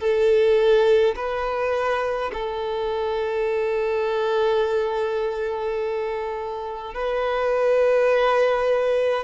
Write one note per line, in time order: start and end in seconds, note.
0.00 1.15 A4
1.16 2.31 B4
2.33 6.94 A4
6.94 9.24 B4